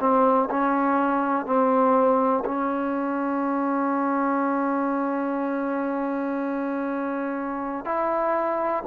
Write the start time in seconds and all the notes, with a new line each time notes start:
0.00 C4
0.50 C#4
1.46 C4
2.45 C#4
7.85 E4